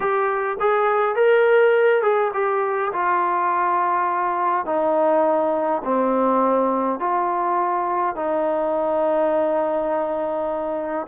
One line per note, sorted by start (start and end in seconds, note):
0.00 0.57 G4
0.60 1.15 G#4
1.15 2.02 A#4
2.02 2.31 G#4
2.33 2.92 G4
2.93 4.65 F4
4.65 5.82 D#4
5.84 6.99 C4
6.99 8.15 F4
8.15 11.06 D#4